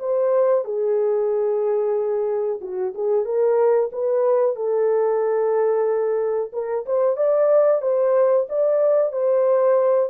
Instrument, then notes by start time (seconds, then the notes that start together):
horn
0.00 C5
0.65 G#4
2.61 F#4
2.95 G#4
3.25 A#4
3.93 B4
4.56 A4
6.53 A#4
6.86 C5
7.17 D5
7.82 C5
8.50 D5
9.12 C5